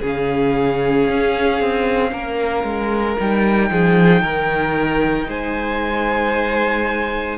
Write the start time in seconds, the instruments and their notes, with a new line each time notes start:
0.00 cello C#3, viola C#4, violin G#4
0.06 violin F5
1.09 cello C#4
1.61 cello C4
2.12 cello A#3, violin A#4
2.64 cello G#3
3.18 cello G3, viola D#4, violin G5
3.70 cello F3, violin G#4
4.22 cello D#3, violin A#4
5.27 cello G#3, violin C5 G#5